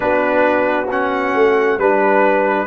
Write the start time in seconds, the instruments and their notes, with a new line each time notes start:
0.00 tuba B3, trombone D4, horn F#4, trumpet B4
0.90 trombone C#4, trumpet F#5
1.34 tuba A3
1.78 tuba G3, trombone D4, horn B4, trumpet B4